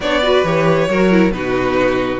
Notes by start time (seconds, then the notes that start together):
0.00 B3 D4 C#5 D5
0.22 F#4 B4
0.44 E3 G4 C#5
0.88 F#3 F#4 A#4
1.10 E4
1.31 B2 D#4 F#4 B4